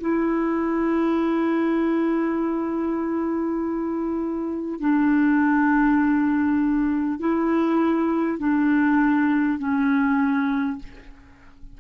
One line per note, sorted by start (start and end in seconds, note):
0.00 4.80 E4
4.80 7.19 D4
7.19 8.39 E4
8.39 9.58 D4
9.58 10.78 C#4